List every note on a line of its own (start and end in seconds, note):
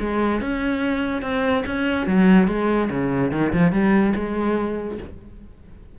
0.00 0.41 G#3
0.41 1.22 C#4
1.22 1.63 C4
1.66 2.06 C#4
2.06 2.48 F#3
2.48 2.89 G#3
2.90 3.32 C#3
3.32 3.52 D#3
3.53 3.72 F3
3.72 4.13 G3
4.15 4.98 G#3